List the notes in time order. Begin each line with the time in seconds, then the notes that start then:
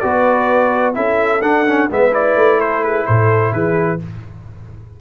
0.00 B3 F#4 B4 D5
0.94 C#4 E4 A4 E5
1.41 D4 F#5
1.66 C#4
1.90 G#3 B3 B4 E5
2.12 E4 D5
2.36 A3
2.59 A4 C5
2.83 G#4 B4
3.06 A2 A4 C5
3.53 E3 G#4 B4